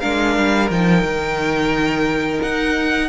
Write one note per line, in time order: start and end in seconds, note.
0.00 0.37 G#3
0.00 0.70 D4
0.00 3.07 A#4
0.00 0.69 F5
0.37 0.70 G3
0.70 1.03 F3
0.70 3.09 D#4
0.70 2.42 G5
1.03 2.39 D#3
2.42 3.09 D#4
2.42 3.09 F#5